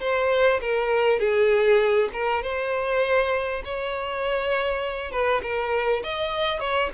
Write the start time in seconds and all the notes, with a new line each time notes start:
0.00 C5
0.61 A#4
1.19 G#4
2.13 A#4
2.43 C5
3.65 C#5
5.11 B4
5.43 A#4
6.03 D#5
6.60 C#5